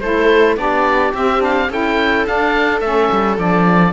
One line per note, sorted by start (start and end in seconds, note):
0.00 0.57 A3
0.00 0.57 E4
0.00 0.59 A4
0.00 0.56 C5
0.57 1.13 B3
0.57 1.13 D4
0.57 1.69 G4
0.57 1.13 D5
1.14 1.70 C4
1.14 1.39 C4
1.14 1.43 E5
1.39 1.67 D4
1.39 1.72 F5
1.69 2.26 C#4
1.69 2.26 E4
1.69 3.92 A4
1.69 2.27 G5
2.26 2.82 D4
2.26 2.81 D4
2.26 2.80 F5
2.80 3.09 A3
2.80 3.38 C#4
2.80 3.36 E5
3.12 3.38 G3
3.38 3.92 F3
3.38 3.92 D4
3.38 3.92 D5